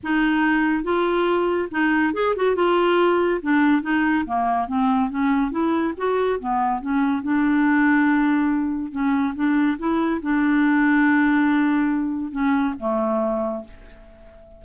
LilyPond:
\new Staff \with { instrumentName = "clarinet" } { \time 4/4 \tempo 4 = 141 dis'2 f'2 | dis'4 gis'8 fis'8 f'2 | d'4 dis'4 ais4 c'4 | cis'4 e'4 fis'4 b4 |
cis'4 d'2.~ | d'4 cis'4 d'4 e'4 | d'1~ | d'4 cis'4 a2 | }